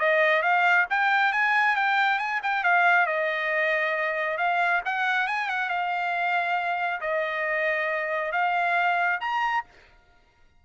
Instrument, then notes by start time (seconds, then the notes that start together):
trumpet
0.00 D#5
0.43 F5
0.91 G5
1.33 G#5
1.76 G5
2.19 G#5
2.43 G5
2.64 F5
3.07 D#5
4.38 F5
4.86 F#5
5.28 G#5
5.49 F#5
5.70 F5
7.02 D#5
8.33 F5
9.21 A#5